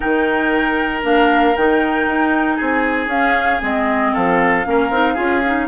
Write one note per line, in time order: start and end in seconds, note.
0.00 1.03 D#3
0.00 1.02 D#4
0.00 2.56 A#4
0.00 1.02 G5
1.02 1.55 A#3
1.02 1.54 D4
1.02 1.56 F5
1.56 2.06 D#3
1.56 3.10 D#4
1.56 2.55 G5
2.06 2.58 D#4
2.55 3.06 C4
2.55 4.11 G#4
2.55 3.07 G#5
3.06 3.58 C#4
3.06 3.61 C#4
3.06 3.61 F5
3.61 4.14 G#3
3.61 4.64 C4
3.61 4.14 D#5
4.13 4.66 F3
4.13 4.65 A4
4.13 5.68 F5
4.64 4.90 A#3
4.64 4.90 C#4
4.64 5.14 A#4
4.90 5.16 C4
4.90 5.16 D#4
5.14 5.68 C#4
5.14 5.42 F4
5.14 5.65 G#4
5.45 5.68 D#4